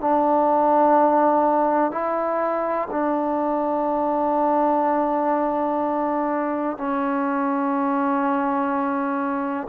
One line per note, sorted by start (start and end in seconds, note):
0.00 1.91 D4
1.91 2.88 E4
2.91 6.77 D4
6.77 9.67 C#4